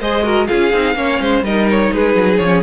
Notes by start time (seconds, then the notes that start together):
0.00 G#3 G#4 C5 D#5
0.23 F#4 A#4
0.47 C#4 F4 G#4 F5
0.72 C4 D#4
0.94 A#3 C#4 C#5
1.20 G#3 C5
1.42 G3 D#4 A#4 D#5
1.71 C#5
1.92 G#3 G#4 B4
2.15 F#3
2.37 F3 C#5
2.43 C#4